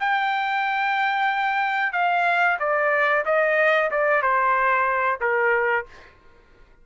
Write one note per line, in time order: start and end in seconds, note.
0.00 1.93 G5
1.93 2.58 F5
2.60 3.25 D5
3.25 3.91 D#5
3.91 4.22 D5
4.22 5.20 C5
5.21 5.86 A#4